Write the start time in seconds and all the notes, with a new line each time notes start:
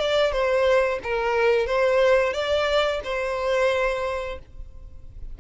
0.00 D5
0.32 C5
1.04 A#4
1.67 C5
2.34 D5
3.04 C5